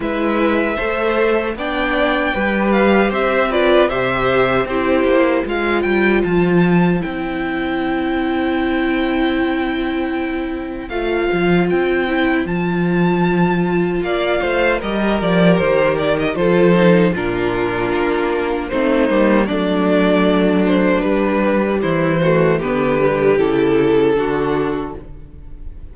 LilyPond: <<
  \new Staff \with { instrumentName = "violin" } { \time 4/4 \tempo 4 = 77 e''2 g''4. f''8 | e''8 d''8 e''4 c''4 f''8 g''8 | a''4 g''2.~ | g''2 f''4 g''4 |
a''2 f''4 dis''8 d''8 | c''8 d''16 dis''16 c''4 ais'2 | c''4 d''4. c''8 b'4 | c''4 b'4 a'2 | }
  \new Staff \with { instrumentName = "violin" } { \time 4/4 b'4 c''4 d''4 b'4 | c''8 b'8 c''4 g'4 c''4~ | c''1~ | c''1~ |
c''2 d''8 c''8 ais'4~ | ais'4 a'4 f'2 | dis'4 d'2. | e'8 fis'8 g'2 fis'4 | }
  \new Staff \with { instrumentName = "viola" } { \time 4/4 e'4 a'4 d'4 g'4~ | g'8 f'8 g'4 e'4 f'4~ | f'4 e'2.~ | e'2 f'4. e'8 |
f'2. g'4~ | g'4 f'8 dis'8 d'2 | c'8 ais8 a2 g4~ | g8 a8 b8 g8 e'4 d'4 | }
  \new Staff \with { instrumentName = "cello" } { \time 4/4 gis4 a4 b4 g4 | c'4 c4 c'8 ais8 gis8 g8 | f4 c'2.~ | c'2 a8 f8 c'4 |
f2 ais8 a8 g8 f8 | dis4 f4 ais,4 ais4 | a8 g8 fis2 g4 | e4 d4 cis4 d4 | }
>>